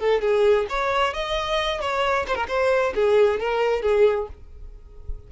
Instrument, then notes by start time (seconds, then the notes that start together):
violin
0.00 A4
0.21 G#4
0.69 C#5
1.14 D#5
1.81 C#5
2.28 C5
2.35 A#4
2.48 C5
2.95 G#4
3.40 A#4
3.82 G#4